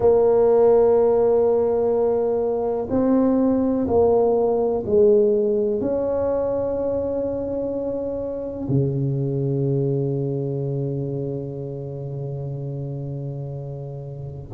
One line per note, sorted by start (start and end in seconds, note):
0.00 2.88 A#3
2.89 3.86 C4
3.87 4.84 A#3
4.86 5.81 G#3
5.81 8.68 C#4
8.68 14.49 C#3